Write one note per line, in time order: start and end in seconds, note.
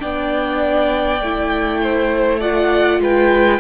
0.00 1.21 B3
0.00 1.20 D4
0.00 1.81 D5
0.00 2.41 G5
1.21 3.00 A3
1.21 2.42 E4
1.83 2.41 C5
2.41 3.60 F4
2.41 3.01 D5
2.41 3.01 F#5
3.00 3.60 G#3
3.00 3.60 B4
3.00 3.60 G5